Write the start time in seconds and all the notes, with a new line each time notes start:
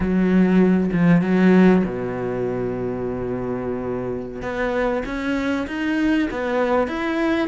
0.00 F#3
0.92 F3
1.21 F#3
1.85 B2
4.42 B3
5.05 C#4
5.67 D#4
6.30 B3
6.87 E4